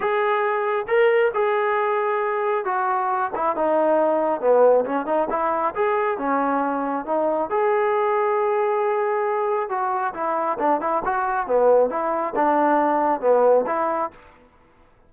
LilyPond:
\new Staff \with { instrumentName = "trombone" } { \time 4/4 \tempo 4 = 136 gis'2 ais'4 gis'4~ | gis'2 fis'4. e'8 | dis'2 b4 cis'8 dis'8 | e'4 gis'4 cis'2 |
dis'4 gis'2.~ | gis'2 fis'4 e'4 | d'8 e'8 fis'4 b4 e'4 | d'2 b4 e'4 | }